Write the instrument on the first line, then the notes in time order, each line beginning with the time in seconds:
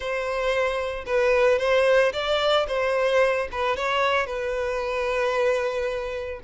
violin
0.00 C5
1.05 B4
1.58 C5
2.12 D5
2.67 C5
3.51 B4
3.76 C#5
4.26 B4